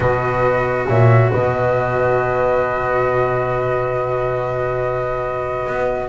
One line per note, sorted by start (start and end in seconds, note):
0.00 0.86 B2
0.00 6.08 F#4
0.00 0.87 B4
0.00 0.87 D#5
0.87 1.31 A#2
0.87 1.30 C#5
0.87 1.31 E5
1.30 5.66 B2
1.30 6.08 B4
1.30 6.08 D#5
5.66 6.08 B3